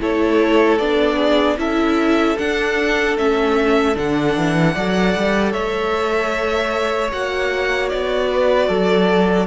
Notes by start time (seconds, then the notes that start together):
0.00 A3 E4 A4 C#5
0.78 B3 D4 D5
1.17 G#4
1.57 C#4 E4 A4 E5
2.38 D4 F#5
3.17 A3 C#4 E5
3.94 D3 D4 F#5
4.36 E3
4.74 F#3 A4 D5
5.17 G3
5.52 A3 C#5 E5
7.12 A#3 F#4 F#5
7.89 B3 D5
8.32 B4
8.68 F#3 A4